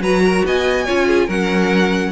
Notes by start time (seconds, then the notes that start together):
0.00 F#3 F#4 B4 A#5
0.25 A#4
0.45 B3 D#5 G#5
0.85 C#4 F4 C#5
1.07 G#4
1.26 F#3 C#4 A#4 F#5